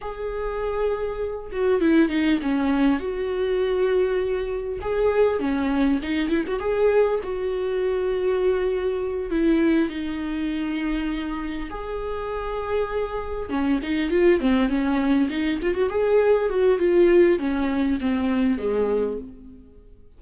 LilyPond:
\new Staff \with { instrumentName = "viola" } { \time 4/4 \tempo 4 = 100 gis'2~ gis'8 fis'8 e'8 dis'8 | cis'4 fis'2. | gis'4 cis'4 dis'8 e'16 fis'16 gis'4 | fis'2.~ fis'8 e'8~ |
e'8 dis'2. gis'8~ | gis'2~ gis'8 cis'8 dis'8 f'8 | c'8 cis'4 dis'8 f'16 fis'16 gis'4 fis'8 | f'4 cis'4 c'4 gis4 | }